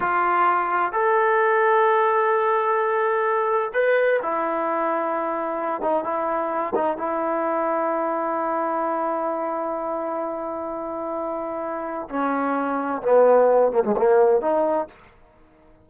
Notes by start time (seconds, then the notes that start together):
0.00 F4
0.92 A4
3.73 B4
4.22 E4
5.81 D#4
6.03 E4
6.75 D#4
6.97 E4
12.09 C#4
13.02 B3
13.71 A#3
13.84 G#3
13.97 A#3
14.41 D#4